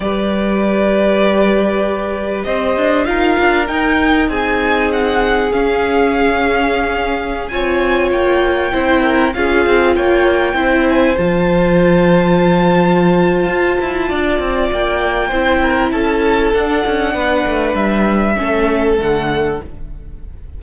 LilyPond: <<
  \new Staff \with { instrumentName = "violin" } { \time 4/4 \tempo 4 = 98 d''1 | dis''4 f''4 g''4 gis''4 | fis''4 f''2.~ | f''16 gis''4 g''2 f''8.~ |
f''16 g''4. gis''8 a''4.~ a''16~ | a''1 | g''2 a''4 fis''4~ | fis''4 e''2 fis''4 | }
  \new Staff \with { instrumentName = "violin" } { \time 4/4 b'1 | c''4 ais'2 gis'4~ | gis'1~ | gis'16 cis''2 c''8 ais'8 gis'8.~ |
gis'16 cis''4 c''2~ c''8.~ | c''2. d''4~ | d''4 c''8 ais'8 a'2 | b'2 a'2 | }
  \new Staff \with { instrumentName = "viola" } { \time 4/4 g'1~ | g'4 f'4 dis'2~ | dis'4 cis'2.~ | cis'16 f'2 e'4 f'8.~ |
f'4~ f'16 e'4 f'4.~ f'16~ | f'1~ | f'4 e'2 d'4~ | d'2 cis'4 a4 | }
  \new Staff \with { instrumentName = "cello" } { \time 4/4 g1 | c'8 d'8 dis'8 d'8 dis'4 c'4~ | c'4 cis'2.~ | cis'16 c'4 ais4 c'4 cis'8 c'16~ |
c'16 ais4 c'4 f4.~ f16~ | f2 f'8 e'8 d'8 c'8 | ais4 c'4 cis'4 d'8 cis'8 | b8 a8 g4 a4 d4 | }
>>